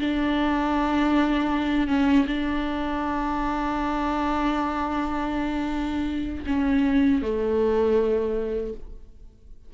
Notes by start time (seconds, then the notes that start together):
0.00 D4
1.88 C#4
2.27 D4
6.47 C#4
7.22 A3